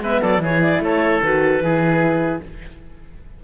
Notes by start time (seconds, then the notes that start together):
0.00 G#3 B3 B4 E5
0.21 F#3 A4 D5
0.39 E3 G#4 C#5
0.46 E4
0.62 D5
0.80 A3 A4 C#5
1.22 D#3 F#4 B4
1.60 E3 E4 G#4